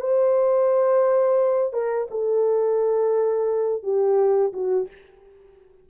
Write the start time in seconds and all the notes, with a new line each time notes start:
0.00 C5
1.73 A#4
2.11 A4
3.83 G4
4.53 F#4